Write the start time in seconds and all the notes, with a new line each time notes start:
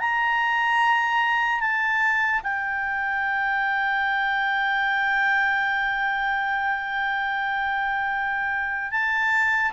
0.00 A#5
1.61 A5
2.44 G5
8.92 A5